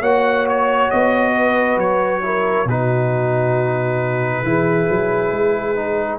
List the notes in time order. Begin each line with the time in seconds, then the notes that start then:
0.00 A#3 F#4 C#5 F#5
0.49 C#5
0.91 B3 D#5
1.34 B4
1.77 F#3 C#5
2.22 E4 A#4
2.65 B2 D#4 F#4 B4
4.43 E3 E4 G#4
4.90 F#3
5.31 G#3
5.76 D#4